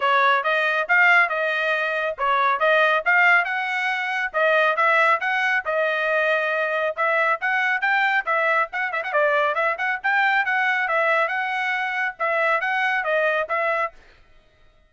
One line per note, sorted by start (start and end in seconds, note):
0.00 0.43 C#5
0.43 0.87 D#5
0.88 1.29 F5
1.29 2.16 D#5
2.18 2.59 C#5
2.59 3.03 D#5
3.05 3.44 F5
3.44 4.31 F#5
4.33 4.76 D#5
4.76 5.20 E5
5.20 5.63 F#5
5.65 6.95 D#5
6.96 7.39 E5
7.40 7.81 F#5
7.81 8.24 G5
8.25 8.69 E5
8.72 8.92 F#5
8.92 9.03 E5
9.03 9.12 F#5
9.12 9.55 D5
9.55 9.76 E5
9.77 9.99 F#5
10.03 10.45 G5
10.45 10.88 F#5
10.88 11.27 E5
11.27 12.14 F#5
12.19 12.60 E5
12.60 13.03 F#5
13.03 13.47 D#5
13.49 13.92 E5